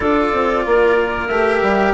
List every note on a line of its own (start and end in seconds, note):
0.00 0.32 D4
0.00 1.29 F4
0.00 0.65 A4
0.00 1.27 D5
0.32 0.65 C4
0.66 1.30 A#3
0.66 1.94 A#4
1.27 1.62 A3
1.27 1.94 G4
1.27 1.92 E5
1.62 1.94 G3